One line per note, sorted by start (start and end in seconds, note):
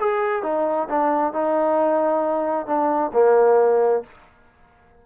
0.00 0.43 G#4
0.43 0.88 D#4
0.89 1.33 D4
1.33 2.66 D#4
2.66 3.11 D4
3.13 4.03 A#3